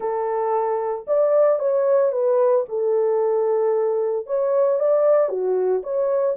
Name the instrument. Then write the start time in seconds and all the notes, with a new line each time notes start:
horn
0.00 A4
1.07 D5
1.59 C#5
2.11 B4
2.68 A4
4.26 C#5
4.79 D5
5.28 F#4
5.83 C#5